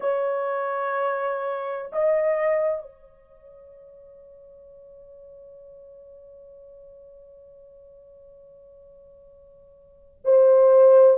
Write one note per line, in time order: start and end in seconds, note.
0.00 1.90 C#5
1.92 2.81 D#5
2.81 10.19 C#5
10.24 11.17 C5